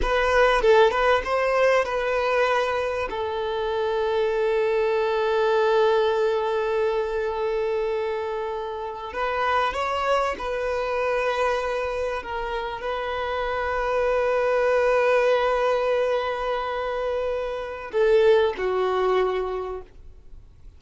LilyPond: \new Staff \with { instrumentName = "violin" } { \time 4/4 \tempo 4 = 97 b'4 a'8 b'8 c''4 b'4~ | b'4 a'2.~ | a'1~ | a'2~ a'8. b'4 cis''16~ |
cis''8. b'2. ais'16~ | ais'8. b'2.~ b'16~ | b'1~ | b'4 a'4 fis'2 | }